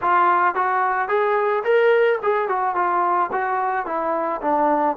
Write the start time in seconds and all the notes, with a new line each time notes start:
0.02 F4
0.55 F#4
1.08 G#4
1.64 A#4
2.22 G#4
2.48 F#4
2.75 F4
3.32 F#4
3.85 E4
4.41 D4